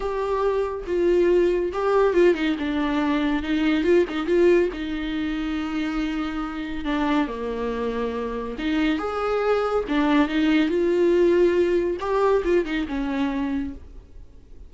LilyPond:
\new Staff \with { instrumentName = "viola" } { \time 4/4 \tempo 4 = 140 g'2 f'2 | g'4 f'8 dis'8 d'2 | dis'4 f'8 dis'8 f'4 dis'4~ | dis'1 |
d'4 ais2. | dis'4 gis'2 d'4 | dis'4 f'2. | g'4 f'8 dis'8 cis'2 | }